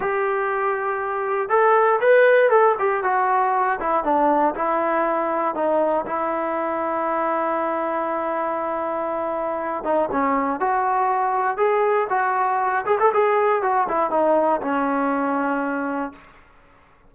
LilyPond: \new Staff \with { instrumentName = "trombone" } { \time 4/4 \tempo 4 = 119 g'2. a'4 | b'4 a'8 g'8 fis'4. e'8 | d'4 e'2 dis'4 | e'1~ |
e'2.~ e'8 dis'8 | cis'4 fis'2 gis'4 | fis'4. gis'16 a'16 gis'4 fis'8 e'8 | dis'4 cis'2. | }